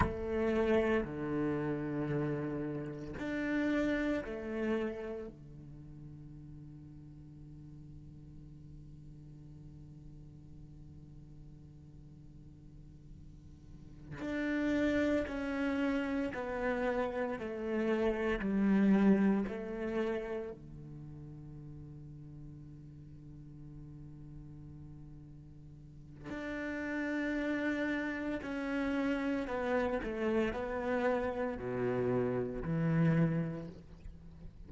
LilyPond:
\new Staff \with { instrumentName = "cello" } { \time 4/4 \tempo 4 = 57 a4 d2 d'4 | a4 d2.~ | d1~ | d4. d'4 cis'4 b8~ |
b8 a4 g4 a4 d8~ | d1~ | d4 d'2 cis'4 | b8 a8 b4 b,4 e4 | }